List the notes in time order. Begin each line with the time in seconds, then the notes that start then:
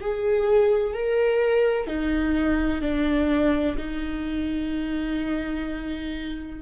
0.00 G#4
0.94 A#4
1.87 D#4
2.81 D4
3.77 D#4